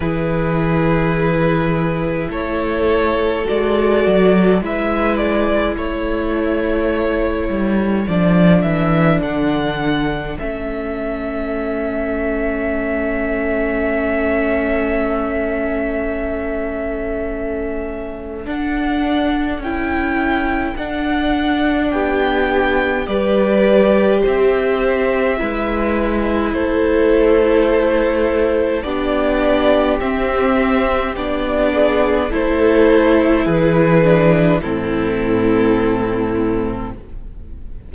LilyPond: <<
  \new Staff \with { instrumentName = "violin" } { \time 4/4 \tempo 4 = 52 b'2 cis''4 d''4 | e''8 d''8 cis''2 d''8 e''8 | fis''4 e''2.~ | e''1 |
fis''4 g''4 fis''4 g''4 | d''4 e''2 c''4~ | c''4 d''4 e''4 d''4 | c''4 b'4 a'2 | }
  \new Staff \with { instrumentName = "violin" } { \time 4/4 gis'2 a'2 | b'4 a'2.~ | a'1~ | a'1~ |
a'2. g'4 | b'4 c''4 b'4 a'4~ | a'4 g'2~ g'8 gis'8 | a'4 gis'4 e'2 | }
  \new Staff \with { instrumentName = "viola" } { \time 4/4 e'2. fis'4 | e'2. d'4~ | d'4 cis'2.~ | cis'1 |
d'4 e'4 d'2 | g'2 e'2~ | e'4 d'4 c'4 d'4 | e'4. d'8 c'2 | }
  \new Staff \with { instrumentName = "cello" } { \time 4/4 e2 a4 gis8 fis8 | gis4 a4. g8 f8 e8 | d4 a2.~ | a1 |
d'4 cis'4 d'4 b4 | g4 c'4 gis4 a4~ | a4 b4 c'4 b4 | a4 e4 a,2 | }
>>